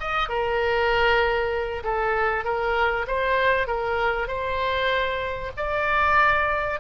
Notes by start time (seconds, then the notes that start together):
0.00 D#5
0.29 A#4
1.84 A4
2.44 A#4
3.07 C5
3.67 A#4
4.28 C5
5.57 D5